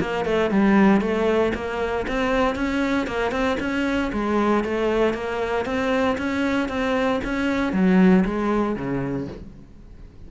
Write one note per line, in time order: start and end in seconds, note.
0.00 0.25 A#3
0.25 0.50 A3
0.50 1.01 G3
1.01 1.53 A3
1.54 2.06 A#3
2.08 2.55 C4
2.55 3.07 C#4
3.07 3.31 A#3
3.31 3.57 C4
3.59 4.11 C#4
4.12 4.64 G#3
4.64 5.13 A3
5.13 5.65 A#3
5.65 6.17 C4
6.18 6.69 C#4
6.69 7.20 C4
7.24 7.72 C#4
7.72 8.24 F#3
8.25 8.76 G#3
8.76 9.28 C#3